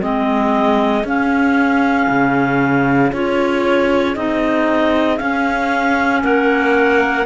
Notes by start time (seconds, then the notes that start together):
0.00 G#3 C4 G#4 D#5
1.03 C#4 F5
2.08 C#3
3.12 C#4 F4 C#5
4.15 C4 D#4 D#5
5.17 C#4 F5
6.23 A#3 A#4 F#5